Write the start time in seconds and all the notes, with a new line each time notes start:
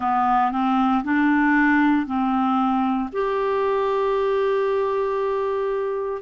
0.00 B3
0.51 C4
1.03 D4
2.06 C4
3.12 G4